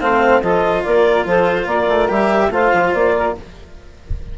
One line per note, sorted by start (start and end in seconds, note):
0.00 0.42 A3
0.00 0.42 C4
0.00 0.41 C5
0.00 0.42 F5
0.41 0.83 F3
0.41 2.08 F4
0.41 0.83 A4
0.41 0.83 D#5
0.83 1.25 A#3
0.83 1.26 A#4
0.83 1.25 D5
1.25 1.66 F3
1.25 1.66 A4
1.25 1.67 C5
1.66 1.87 A#3
1.66 2.49 A#4
1.66 2.09 D5
1.88 2.09 A3
2.08 2.50 G3
2.08 2.50 G4
2.08 2.52 E5
2.50 2.70 A3
2.50 3.34 F4
2.50 3.15 C5
2.50 2.93 F5
2.73 2.94 F3
2.93 3.35 A#3
2.93 3.35 D5
3.17 3.38 A#4